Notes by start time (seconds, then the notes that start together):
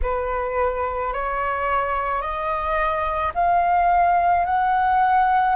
0.02 B4
1.13 C#5
2.21 D#5
3.34 F5
4.45 F#5